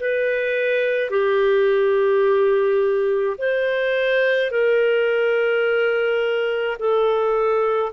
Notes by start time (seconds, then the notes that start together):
0.00 B4
1.10 G4
3.38 C5
4.51 A#4
6.79 A4